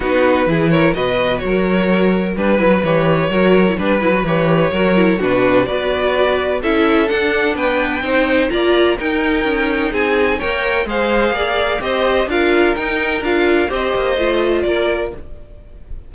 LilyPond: <<
  \new Staff \with { instrumentName = "violin" } { \time 4/4 \tempo 4 = 127 b'4. cis''8 dis''4 cis''4~ | cis''4 b'4 cis''2 | b'4 cis''2 b'4 | d''2 e''4 fis''4 |
g''2 ais''4 g''4~ | g''4 gis''4 g''4 f''4~ | f''4 dis''4 f''4 g''4 | f''4 dis''2 d''4 | }
  \new Staff \with { instrumentName = "violin" } { \time 4/4 fis'4 gis'8 ais'8 b'4 ais'4~ | ais'4 b'2 ais'4 | b'2 ais'4 fis'4 | b'2 a'2 |
b'4 c''4 d''4 ais'4~ | ais'4 gis'4 cis''4 c''4 | d''4 c''4 ais'2~ | ais'4 c''2 ais'4 | }
  \new Staff \with { instrumentName = "viola" } { \time 4/4 dis'4 e'4 fis'2~ | fis'4 d'8 e'16 fis'16 g'4 fis'8. e'16 | d'8 e'16 fis'16 g'4 fis'8 e'8 d'4 | fis'2 e'4 d'4~ |
d'4 dis'4 f'4 dis'4~ | dis'2 ais'4 gis'4~ | gis'4 g'4 f'4 dis'4 | f'4 g'4 f'2 | }
  \new Staff \with { instrumentName = "cello" } { \time 4/4 b4 e4 b,4 fis4~ | fis4 g8 fis8 e4 fis4 | g8 fis8 e4 fis4 b,4 | b2 cis'4 d'4 |
b4 c'4 ais4 dis'4 | cis'4 c'4 ais4 gis4 | ais4 c'4 d'4 dis'4 | d'4 c'8 ais8 a4 ais4 | }
>>